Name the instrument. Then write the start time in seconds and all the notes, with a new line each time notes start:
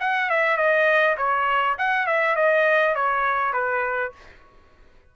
trumpet
0.00 F#5
0.29 E5
0.57 D#5
1.17 C#5
1.78 F#5
2.07 E5
2.36 D#5
2.95 C#5
3.53 B4